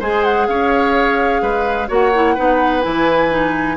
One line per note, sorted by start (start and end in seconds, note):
0.00 0.48 G#3
0.00 1.88 G#4
0.00 0.47 C5
0.00 0.24 G#5
0.24 0.48 F#5
0.48 1.42 C#4
0.48 1.42 C#5
0.48 1.89 F5
1.42 1.89 G#3
1.42 1.88 B4
1.88 2.37 A#3
1.88 2.12 F#4
1.88 2.35 C#5
1.88 2.82 F#5
2.15 2.37 E4
2.35 2.86 B3
2.35 2.82 D#4
2.35 3.76 B4
2.82 3.77 E3
2.82 3.29 E4
2.82 3.76 G#5
3.30 3.77 D#4